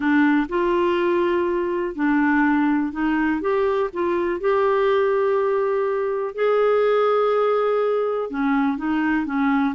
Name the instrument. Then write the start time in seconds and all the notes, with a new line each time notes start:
clarinet
0.00 D4
0.49 F4
1.95 D4
2.92 D#4
3.41 G4
3.93 F4
4.40 G4
6.34 G#4
8.30 C#4
8.77 D#4
9.25 C#4